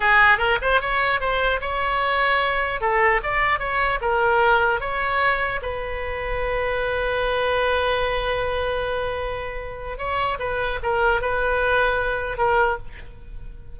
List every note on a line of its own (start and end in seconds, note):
0.00 0.38 G#4
0.38 0.58 A#4
0.61 0.80 C5
0.80 1.20 C#5
1.20 1.60 C5
1.60 2.80 C#5
2.81 3.21 A4
3.23 3.59 D5
3.59 3.99 C#5
4.01 4.80 A#4
4.80 5.60 C#5
5.61 9.98 B4
9.98 10.38 C#5
10.39 10.79 B4
10.82 11.21 A#4
11.21 12.37 B4
12.37 12.77 A#4